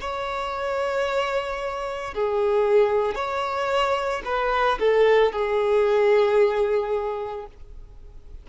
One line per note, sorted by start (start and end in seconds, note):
0.00 2.14 C#5
2.14 3.15 G#4
3.15 4.22 C#5
4.25 4.78 B4
4.79 5.32 A4
5.32 7.46 G#4